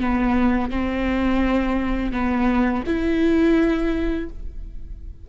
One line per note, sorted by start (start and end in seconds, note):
0.00 0.70 B3
0.70 2.12 C4
2.12 2.84 B3
2.86 4.29 E4